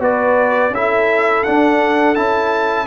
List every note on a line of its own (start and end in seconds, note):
0.00 0.71 B3
0.00 0.71 F#4
0.00 0.73 B4
0.00 0.75 D5
0.71 1.42 C#4
0.71 1.46 E4
0.71 2.87 A4
0.71 1.44 E5
1.44 2.15 D4
1.44 2.17 D4
1.44 2.15 F#5
2.15 2.87 C#4
2.15 2.87 E4
2.15 2.87 A5